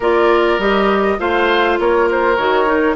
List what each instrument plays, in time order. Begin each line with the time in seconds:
0.00 bassoon A#3, clarinet F4, oboe A#4, flute D5
0.58 bassoon G3, clarinet G4, flute D#5
1.18 bassoon A3, clarinet F4, oboe C5, flute F5
1.79 bassoon A#3, oboe A#4, flute C#5
2.10 flute C5
2.36 bassoon D#3, clarinet F#4, flute C#5
2.65 clarinet D#4